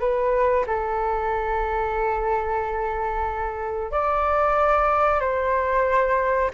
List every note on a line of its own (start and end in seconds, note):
0.00 0.65 B4
0.67 3.92 A4
3.92 5.21 D5
5.21 6.51 C5